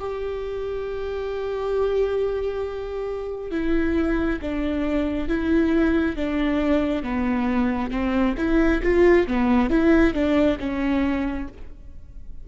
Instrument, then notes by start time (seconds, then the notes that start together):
viola
0.00 G4
3.51 E4
4.42 D4
5.29 E4
6.17 D4
7.03 B3
7.91 C4
8.38 E4
8.83 F4
9.28 B3
9.70 E4
10.14 D4
10.60 C#4